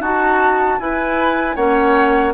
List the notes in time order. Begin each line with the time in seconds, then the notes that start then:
0.00 D#4 F#4 A5
0.79 E4 B4 G#5
1.55 A#3 C#4 C#5 F#5